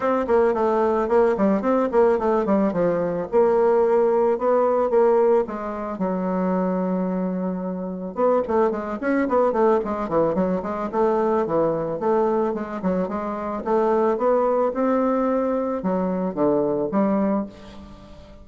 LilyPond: \new Staff \with { instrumentName = "bassoon" } { \time 4/4 \tempo 4 = 110 c'8 ais8 a4 ais8 g8 c'8 ais8 | a8 g8 f4 ais2 | b4 ais4 gis4 fis4~ | fis2. b8 a8 |
gis8 cis'8 b8 a8 gis8 e8 fis8 gis8 | a4 e4 a4 gis8 fis8 | gis4 a4 b4 c'4~ | c'4 fis4 d4 g4 | }